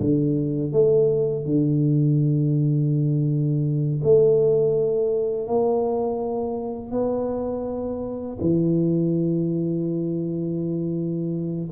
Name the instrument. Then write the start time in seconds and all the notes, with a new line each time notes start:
tuba
0.00 D3
0.73 A3
1.45 D3
4.03 A3
5.47 A#3
6.91 B3
8.40 E3